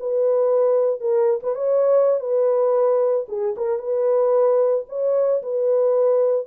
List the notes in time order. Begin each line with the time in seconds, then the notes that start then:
0.00 B4
1.01 A#4
1.43 B4
1.56 C#5
2.21 B4
3.29 G#4
3.57 A#4
3.79 B4
4.89 C#5
5.43 B4